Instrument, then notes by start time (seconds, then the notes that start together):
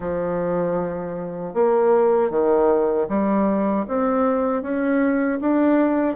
bassoon
0.00 F3
1.54 A#3
2.30 D#3
3.08 G3
3.87 C4
4.62 C#4
5.41 D4